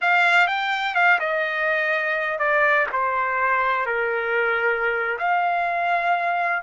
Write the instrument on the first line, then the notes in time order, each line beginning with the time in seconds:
trumpet
0.01 F5
0.47 G5
0.94 F5
1.19 D#5
2.39 D5
2.92 C5
3.86 A#4
5.18 F5